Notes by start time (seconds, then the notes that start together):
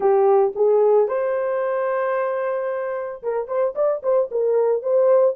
0.00 G4
0.55 G#4
1.08 C5
3.22 A#4
3.47 C5
3.75 D5
4.03 C5
4.31 A#4
4.82 C5